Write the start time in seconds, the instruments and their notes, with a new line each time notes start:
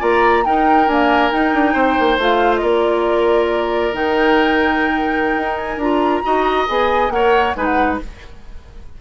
0.00 bassoon A#3, clarinet F4, oboe D5, flute A#5
0.45 clarinet D#4, bassoon D#4, oboe A#4, flute G5
0.88 clarinet A#3, bassoon D4, flute G#5
1.31 clarinet D#4, bassoon D#4, flute G5
1.54 bassoon D4
1.74 bassoon C4, oboe C5
2.00 bassoon A#3
2.18 bassoon A3, clarinet F4, flute F5
2.56 oboe A#4, flute D#5
2.63 bassoon A#3, flute D5
3.93 bassoon D#3, clarinet D#4, flute G5
5.37 bassoon D#4
5.58 flute G#5
5.77 bassoon D4, clarinet F4, flute A#5
6.24 bassoon D#4, clarinet F#4, oboe D#5
6.68 bassoon B3, clarinet G#4, flute G#5
7.10 bassoon A#3, clarinet A#4, oboe C#5, flute F#5
7.56 bassoon G#3, clarinet D#4, oboe B4, flute G#5
7.65 flute F#5